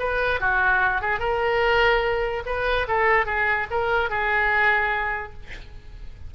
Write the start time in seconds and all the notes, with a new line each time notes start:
0.00 B4
0.41 F#4
1.02 G#4
1.20 A#4
2.46 B4
2.88 A4
3.26 G#4
3.71 A#4
4.10 G#4